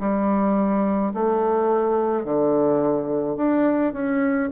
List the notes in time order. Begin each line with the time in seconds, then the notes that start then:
0.00 G3
1.14 A3
2.25 D3
3.37 D4
3.93 C#4